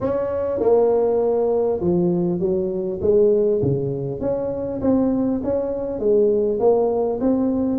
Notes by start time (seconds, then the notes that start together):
0.00 C#4
0.60 A#3
1.80 F3
2.39 F#3
3.01 G#3
3.62 C#3
4.20 C#4
4.81 C4
5.43 C#4
5.99 G#3
6.59 A#3
7.20 C4